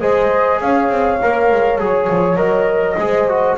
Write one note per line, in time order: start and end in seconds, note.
0.00 0.61 G#3
0.00 1.20 G#4
0.00 0.60 C5
0.00 0.59 D#5
0.61 0.89 C#4
0.61 2.99 C#5
0.61 1.80 F5
0.89 1.19 C4
1.22 1.51 A#3
1.22 1.80 A#4
1.51 1.79 G#3
1.79 2.08 F#3
1.79 2.36 G#4
1.79 2.37 C#5
2.09 2.36 F3
2.36 2.95 F#3
2.36 2.96 A#4
2.36 3.56 D#5
2.98 3.58 G#3
2.98 3.28 G#4
2.98 3.58 C5
3.28 3.58 F#4